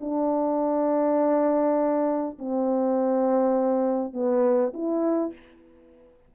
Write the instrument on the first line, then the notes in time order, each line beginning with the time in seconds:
horn
0.00 D4
2.39 C4
4.13 B3
4.73 E4